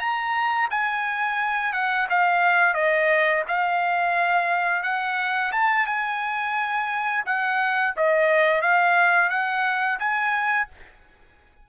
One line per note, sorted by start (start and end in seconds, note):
0.00 0.69 A#5
0.71 1.73 G#5
1.73 2.08 F#5
2.10 2.75 F5
2.75 3.44 D#5
3.48 4.83 F5
4.83 5.52 F#5
5.52 5.87 A5
5.87 7.25 G#5
7.26 7.95 F#5
7.97 8.62 D#5
8.62 9.30 F5
9.30 9.99 F#5
9.99 10.68 G#5